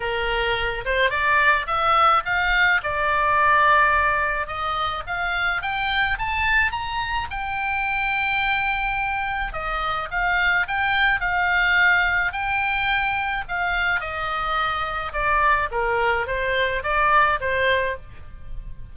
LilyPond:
\new Staff \with { instrumentName = "oboe" } { \time 4/4 \tempo 4 = 107 ais'4. c''8 d''4 e''4 | f''4 d''2. | dis''4 f''4 g''4 a''4 | ais''4 g''2.~ |
g''4 dis''4 f''4 g''4 | f''2 g''2 | f''4 dis''2 d''4 | ais'4 c''4 d''4 c''4 | }